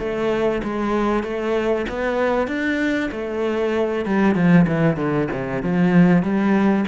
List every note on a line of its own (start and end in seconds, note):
0.00 0.62 A3
0.64 1.24 G#3
1.24 1.86 A3
1.89 2.48 B3
2.48 3.10 D4
3.12 4.06 A3
4.06 4.36 G3
4.36 4.67 F3
4.68 4.97 E3
4.97 5.28 D3
5.32 5.63 C3
5.63 6.23 F3
6.23 6.86 G3